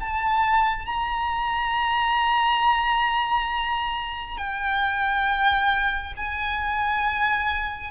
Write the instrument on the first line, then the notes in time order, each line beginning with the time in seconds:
violin
0.00 A5
0.86 A#5
4.38 G5
6.16 G#5